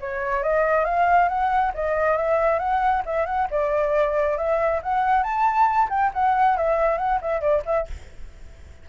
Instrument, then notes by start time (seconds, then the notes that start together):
flute
0.00 C#5
0.43 D#5
0.85 F5
1.28 F#5
1.74 D#5
2.17 E5
2.59 F#5
3.05 E5
3.26 F#5
3.51 D5
4.37 E5
4.82 F#5
5.23 A5
5.89 G5
6.13 F#5
6.57 E5
6.98 F#5
7.21 E5
7.41 D5
7.65 E5